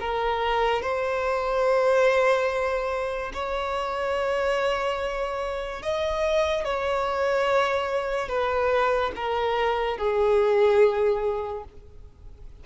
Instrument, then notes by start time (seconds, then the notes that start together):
violin
0.00 A#4
0.81 C5
3.33 C#5
5.82 D#5
6.64 C#5
8.28 B4
9.15 A#4
9.97 G#4